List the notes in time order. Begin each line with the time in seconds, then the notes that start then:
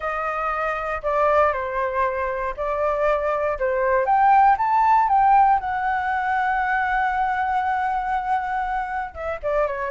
0.00 D#5
1.02 D5
1.53 C5
2.56 D5
3.59 C5
4.05 G5
4.57 A5
5.08 G5
5.59 F#5
9.14 E5
9.42 D5
9.67 C#5